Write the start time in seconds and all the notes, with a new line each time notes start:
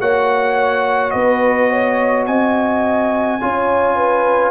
0.00 A#3 F#4 C#5 F#5
1.10 B3 B4 D#5
1.70 C#5
2.26 C4 D#5 G#5
3.40 C#4 F4 C#5
3.96 B4